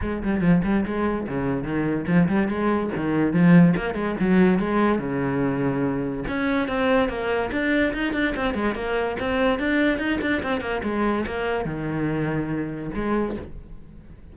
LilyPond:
\new Staff \with { instrumentName = "cello" } { \time 4/4 \tempo 4 = 144 gis8 g8 f8 g8 gis4 cis4 | dis4 f8 g8 gis4 dis4 | f4 ais8 gis8 fis4 gis4 | cis2. cis'4 |
c'4 ais4 d'4 dis'8 d'8 | c'8 gis8 ais4 c'4 d'4 | dis'8 d'8 c'8 ais8 gis4 ais4 | dis2. gis4 | }